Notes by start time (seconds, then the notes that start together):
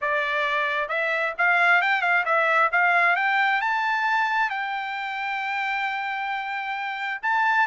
0.01 D5
0.89 E5
1.38 F5
1.81 G5
2.01 F5
2.25 E5
2.72 F5
3.16 G5
3.61 A5
4.50 G5
7.22 A5